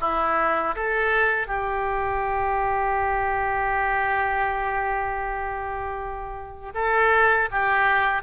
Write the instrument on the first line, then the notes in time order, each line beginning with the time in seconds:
oboe
0.00 E4
0.75 A4
1.47 G4
6.74 A4
7.51 G4